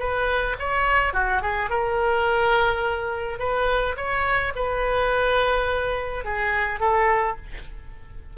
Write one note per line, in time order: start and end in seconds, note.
0.00 0.57 B4
0.59 1.14 C#5
1.14 1.42 F#4
1.42 1.70 G#4
1.70 3.40 A#4
3.40 3.96 B4
3.97 4.54 C#5
4.56 6.25 B4
6.25 6.80 G#4
6.80 7.37 A4